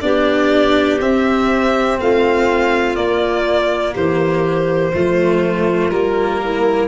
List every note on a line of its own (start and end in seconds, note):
0.00 1.00 B3
0.00 0.99 D4
0.00 2.01 G4
0.00 0.98 D5
1.00 1.99 C4
1.00 2.95 C4
1.00 1.99 E5
1.99 2.96 A3
1.99 3.93 F4
1.99 2.95 F5
2.95 4.92 A#3
2.95 3.94 A#3
2.95 3.94 D5
3.93 4.94 E3
3.93 4.92 G4
3.93 5.90 C5
4.93 5.90 F3
4.93 5.92 A3
4.93 6.41 F4
5.90 6.88 G3
5.90 6.88 A#3
5.90 6.88 A#4
6.41 6.88 E4